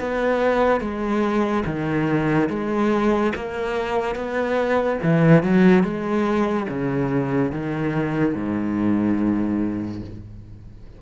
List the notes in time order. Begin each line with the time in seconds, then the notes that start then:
0.00 B3
0.81 G#3
1.66 D#3
2.50 G#3
3.36 A#3
4.16 B3
5.03 E3
5.44 F#3
5.84 G#3
6.69 C#3
7.52 D#3
8.35 G#2